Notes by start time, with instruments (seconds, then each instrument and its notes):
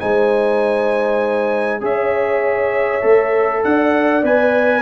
0.00 tuba G#3, trombone D#4, horn C5, trumpet G#5
1.81 tuba C#4, trombone G#4, horn C#5, trumpet E5
3.02 tuba A3, trombone A4
3.64 tuba D4, horn D5, trumpet F#5
4.23 tuba B3, trombone B4, trumpet G#5